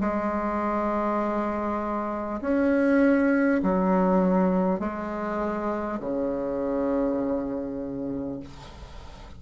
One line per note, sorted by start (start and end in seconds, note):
0.00 2.40 G#3
2.41 3.61 C#4
3.63 4.79 F#3
4.79 5.99 G#3
6.00 8.40 C#3